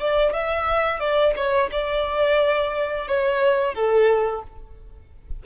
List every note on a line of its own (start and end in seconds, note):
0.00 0.33 D5
0.33 0.99 E5
0.99 1.34 D5
1.36 1.70 C#5
1.72 3.08 D5
3.08 3.74 C#5
3.74 4.43 A4